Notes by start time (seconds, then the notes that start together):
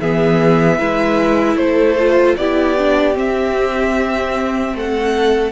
0.00 E3 B3 G#4 E5
0.78 G#3 E4 B4
1.55 A3 A4 C5
1.99 F4
2.36 B3 E4 G4 D5
2.77 D4
3.14 C4 E5
4.74 A3 A4 F#5